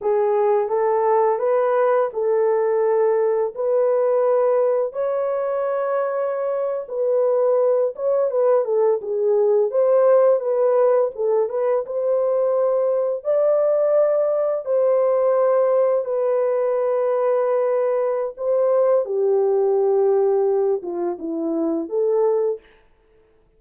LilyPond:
\new Staff \with { instrumentName = "horn" } { \time 4/4 \tempo 4 = 85 gis'4 a'4 b'4 a'4~ | a'4 b'2 cis''4~ | cis''4.~ cis''16 b'4. cis''8 b'16~ | b'16 a'8 gis'4 c''4 b'4 a'16~ |
a'16 b'8 c''2 d''4~ d''16~ | d''8. c''2 b'4~ b'16~ | b'2 c''4 g'4~ | g'4. f'8 e'4 a'4 | }